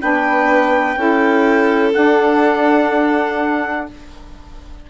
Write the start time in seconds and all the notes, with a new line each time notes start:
0.00 B3 D4 B4 G5
0.96 C#4 E4 A4
1.92 D4 F#5